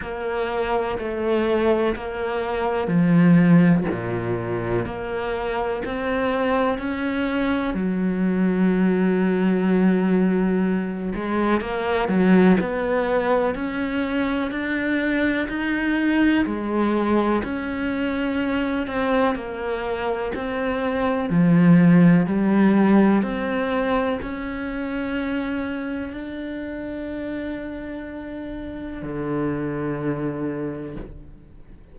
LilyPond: \new Staff \with { instrumentName = "cello" } { \time 4/4 \tempo 4 = 62 ais4 a4 ais4 f4 | ais,4 ais4 c'4 cis'4 | fis2.~ fis8 gis8 | ais8 fis8 b4 cis'4 d'4 |
dis'4 gis4 cis'4. c'8 | ais4 c'4 f4 g4 | c'4 cis'2 d'4~ | d'2 d2 | }